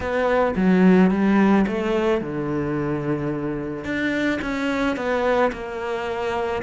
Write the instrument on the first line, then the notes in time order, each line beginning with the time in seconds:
cello
0.00 B3
0.56 F#3
1.10 G3
1.67 A3
2.21 D3
3.84 D4
4.41 C#4
4.96 B3
5.52 A#3